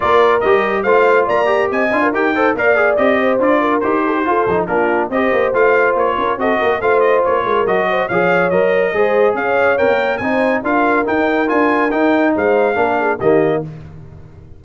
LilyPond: <<
  \new Staff \with { instrumentName = "trumpet" } { \time 4/4 \tempo 4 = 141 d''4 dis''4 f''4 ais''4 | gis''4 g''4 f''4 dis''4 | d''4 c''2 ais'4 | dis''4 f''4 cis''4 dis''4 |
f''8 dis''8 cis''4 dis''4 f''4 | dis''2 f''4 g''4 | gis''4 f''4 g''4 gis''4 | g''4 f''2 dis''4 | }
  \new Staff \with { instrumentName = "horn" } { \time 4/4 ais'2 c''4 d''4 | dis''8. ais'8. c''8 d''4. c''8~ | c''8 ais'4 a'16 g'16 a'4 f'4 | c''2~ c''8 ais'8 a'8 ais'8 |
c''4. ais'4 c''8 cis''4~ | cis''4 c''4 cis''2 | c''4 ais'2.~ | ais'4 c''4 ais'8 gis'8 g'4 | }
  \new Staff \with { instrumentName = "trombone" } { \time 4/4 f'4 g'4 f'4. g'8~ | g'8 f'8 g'8 a'8 ais'8 gis'8 g'4 | f'4 g'4 f'8 dis'8 d'4 | g'4 f'2 fis'4 |
f'2 fis'4 gis'4 | ais'4 gis'2 ais'4 | dis'4 f'4 dis'4 f'4 | dis'2 d'4 ais4 | }
  \new Staff \with { instrumentName = "tuba" } { \time 4/4 ais4 g4 a4 ais4 | c'8 d'8 dis'4 ais4 c'4 | d'4 dis'4 f'8 f8 ais4 | c'8 ais8 a4 ais8 cis'8 c'8 ais8 |
a4 ais8 gis8 fis4 f4 | fis4 gis4 cis'4 c'16 ais8. | c'4 d'4 dis'4 d'4 | dis'4 gis4 ais4 dis4 | }
>>